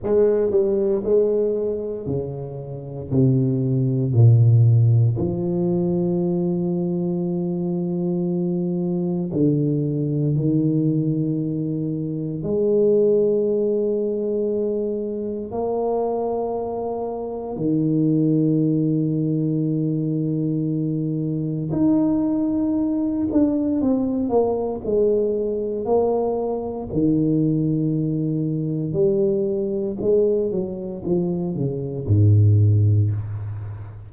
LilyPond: \new Staff \with { instrumentName = "tuba" } { \time 4/4 \tempo 4 = 58 gis8 g8 gis4 cis4 c4 | ais,4 f2.~ | f4 d4 dis2 | gis2. ais4~ |
ais4 dis2.~ | dis4 dis'4. d'8 c'8 ais8 | gis4 ais4 dis2 | g4 gis8 fis8 f8 cis8 gis,4 | }